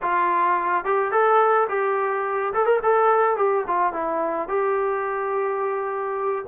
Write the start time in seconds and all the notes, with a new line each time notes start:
0.02 F4
0.84 G4
1.11 A4
1.68 G4
2.53 A4
2.65 A#4
2.82 A4
3.36 G4
3.67 F4
3.93 E4
4.48 G4